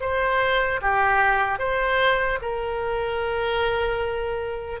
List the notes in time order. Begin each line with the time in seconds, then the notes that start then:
0.00 C5
0.81 G4
1.59 C5
2.41 A#4